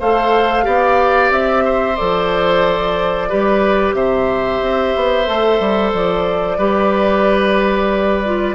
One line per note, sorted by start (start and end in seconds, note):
0.00 0.66 A3
0.00 0.63 A4
0.00 0.65 C5
0.00 1.33 F5
0.63 1.31 B3
0.63 1.95 G4
0.63 1.64 D5
1.31 1.97 C4
1.31 1.96 E5
1.65 3.30 C5
1.96 3.32 F3
1.96 3.29 A4
1.96 3.94 D5
3.29 3.94 G3
3.29 5.26 G4
3.29 3.95 B4
3.94 4.60 C3
3.94 6.58 C5
3.94 5.92 E5
4.62 4.95 C4
4.96 5.28 B3
5.26 5.60 A3
5.26 6.58 A4
5.60 5.93 G3
5.94 6.58 F3
5.94 8.55 D5
6.58 8.55 G3
6.58 8.24 G4
6.58 8.55 B4
8.25 8.55 F4